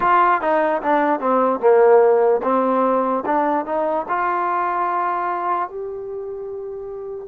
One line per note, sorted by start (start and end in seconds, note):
0.00 0.41 F4
0.41 0.81 D#4
0.82 1.19 D4
1.19 1.60 C4
1.60 2.41 A#3
2.43 3.24 C4
3.25 3.65 D4
3.65 4.06 D#4
4.08 5.69 F4
5.69 7.28 G4